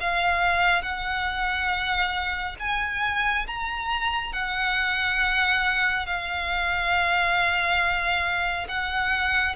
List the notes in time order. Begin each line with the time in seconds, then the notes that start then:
0.00 F5
0.82 F#5
2.59 G#5
3.47 A#5
4.32 F#5
6.06 F5
8.68 F#5